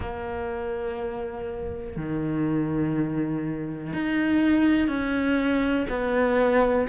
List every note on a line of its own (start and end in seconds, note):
0.00 1.96 A#3
1.96 3.93 D#3
3.93 4.87 D#4
4.87 5.86 C#4
5.89 6.87 B3